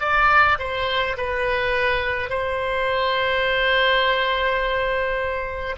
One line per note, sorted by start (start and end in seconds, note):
0.00 0.58 D5
0.59 1.16 C5
1.17 2.30 B4
2.30 5.76 C5